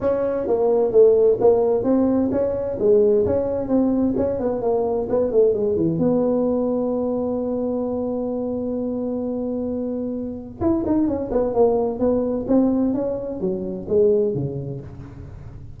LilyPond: \new Staff \with { instrumentName = "tuba" } { \time 4/4 \tempo 4 = 130 cis'4 ais4 a4 ais4 | c'4 cis'4 gis4 cis'4 | c'4 cis'8 b8 ais4 b8 a8 | gis8 e8 b2.~ |
b1~ | b2. e'8 dis'8 | cis'8 b8 ais4 b4 c'4 | cis'4 fis4 gis4 cis4 | }